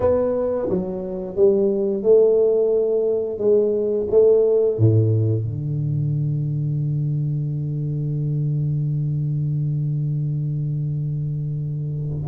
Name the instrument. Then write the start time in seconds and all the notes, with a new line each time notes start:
tuba
0.00 B3
0.68 F#3
1.36 G3
2.02 A3
3.38 G#3
4.10 A3
4.77 A2
5.44 D3